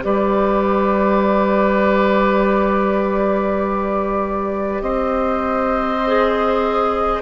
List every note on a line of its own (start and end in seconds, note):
0.00 4.81 G3
0.00 6.00 G4
0.00 4.83 B4
0.00 4.82 D5
4.81 7.21 C4
4.81 7.22 C5
4.81 7.21 D#5
6.07 7.22 G#4